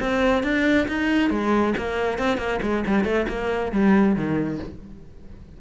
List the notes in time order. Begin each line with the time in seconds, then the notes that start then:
0.00 C4
0.43 D4
0.88 D#4
1.30 G#3
1.77 A#3
2.18 C4
2.37 A#3
2.62 G#3
2.87 G3
3.04 A3
3.28 A#3
3.72 G3
4.15 D#3